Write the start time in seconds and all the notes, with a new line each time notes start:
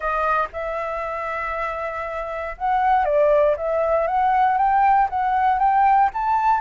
0.00 D#5
0.52 E5
2.57 F#5
3.04 D5
3.56 E5
4.07 F#5
4.57 G5
5.09 F#5
5.59 G5
6.13 A5